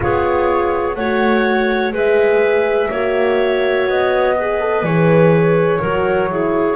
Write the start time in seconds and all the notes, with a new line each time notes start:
0.00 B3 F4 G#4 C#5
0.95 A3 F#4 C#5 F#5
1.92 G#3 G#4 B4 E5
2.90 A#3 F#4 C#5
3.86 B3 D#5
4.37 G#4 B4
4.60 A4
4.82 E3 G#4 C#5
5.80 F#3 F#4 A#4
6.30 E4 G#4